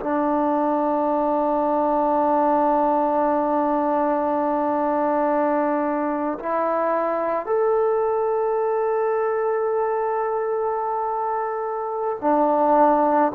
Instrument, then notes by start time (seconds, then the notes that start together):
trombone
0.00 D4
6.40 E4
7.46 A4
12.22 D4